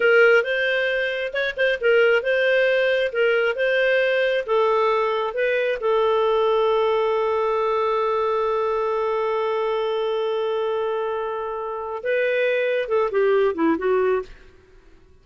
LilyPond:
\new Staff \with { instrumentName = "clarinet" } { \time 4/4 \tempo 4 = 135 ais'4 c''2 cis''8 c''8 | ais'4 c''2 ais'4 | c''2 a'2 | b'4 a'2.~ |
a'1~ | a'1~ | a'2. b'4~ | b'4 a'8 g'4 e'8 fis'4 | }